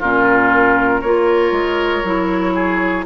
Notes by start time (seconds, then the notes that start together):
0.00 A#2 C#4 F4 A#4
1.01 A#3 F4 A#4 C#5
1.52 G#3
2.04 F#3 E4
2.55 G#4